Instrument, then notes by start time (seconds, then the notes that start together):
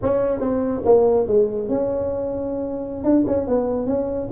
tuba
0.02 C#4
0.39 C4
0.85 A#3
1.27 G#3
1.68 C#4
3.04 D4
3.27 C#4
3.47 B3
3.86 C#4